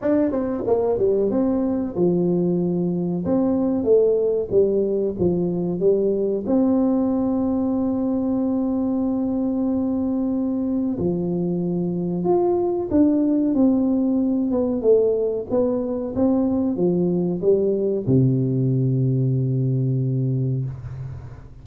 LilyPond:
\new Staff \with { instrumentName = "tuba" } { \time 4/4 \tempo 4 = 93 d'8 c'8 ais8 g8 c'4 f4~ | f4 c'4 a4 g4 | f4 g4 c'2~ | c'1~ |
c'4 f2 f'4 | d'4 c'4. b8 a4 | b4 c'4 f4 g4 | c1 | }